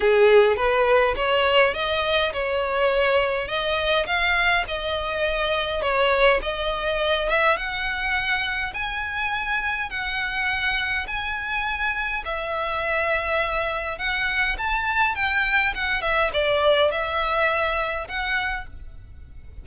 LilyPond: \new Staff \with { instrumentName = "violin" } { \time 4/4 \tempo 4 = 103 gis'4 b'4 cis''4 dis''4 | cis''2 dis''4 f''4 | dis''2 cis''4 dis''4~ | dis''8 e''8 fis''2 gis''4~ |
gis''4 fis''2 gis''4~ | gis''4 e''2. | fis''4 a''4 g''4 fis''8 e''8 | d''4 e''2 fis''4 | }